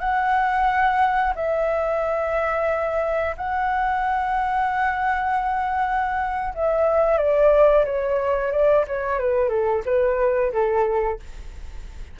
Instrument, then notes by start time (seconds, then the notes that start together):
flute
0.00 F#5
1.35 E5
3.37 F#5
6.55 E5
7.18 D5
7.85 C#5
8.52 D5
8.87 C#5
9.19 B4
9.49 A4
9.85 B4
10.53 A4